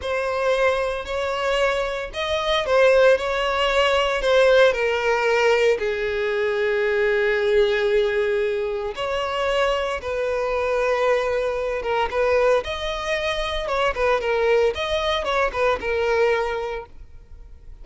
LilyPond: \new Staff \with { instrumentName = "violin" } { \time 4/4 \tempo 4 = 114 c''2 cis''2 | dis''4 c''4 cis''2 | c''4 ais'2 gis'4~ | gis'1~ |
gis'4 cis''2 b'4~ | b'2~ b'8 ais'8 b'4 | dis''2 cis''8 b'8 ais'4 | dis''4 cis''8 b'8 ais'2 | }